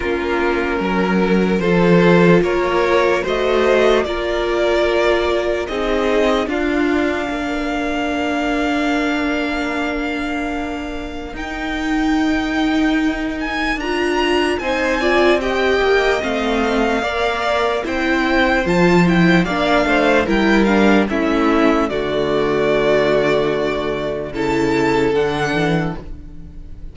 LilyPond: <<
  \new Staff \with { instrumentName = "violin" } { \time 4/4 \tempo 4 = 74 ais'2 c''4 cis''4 | dis''4 d''2 dis''4 | f''1~ | f''2 g''2~ |
g''8 gis''8 ais''4 gis''4 g''4 | f''2 g''4 a''8 g''8 | f''4 g''8 f''8 e''4 d''4~ | d''2 a''4 fis''4 | }
  \new Staff \with { instrumentName = "violin" } { \time 4/4 f'4 ais'4 a'4 ais'4 | c''4 ais'2 gis'4 | f'4 ais'2.~ | ais'1~ |
ais'2 c''8 d''8 dis''4~ | dis''4 d''4 c''2 | d''8 c''8 ais'4 e'4 fis'4~ | fis'2 a'2 | }
  \new Staff \with { instrumentName = "viola" } { \time 4/4 cis'2 f'2 | fis'4 f'2 dis'4 | d'1~ | d'2 dis'2~ |
dis'4 f'4 dis'8 f'8 g'4 | c'4 ais'4 e'4 f'8 e'8 | d'4 e'8 d'8 cis'4 a4~ | a2 e'4 d'4 | }
  \new Staff \with { instrumentName = "cello" } { \time 4/4 ais4 fis4 f4 ais4 | a4 ais2 c'4 | d'4 ais2.~ | ais2 dis'2~ |
dis'4 d'4 c'4. ais8 | a4 ais4 c'4 f4 | ais8 a8 g4 a4 d4~ | d2 cis4 d8 e8 | }
>>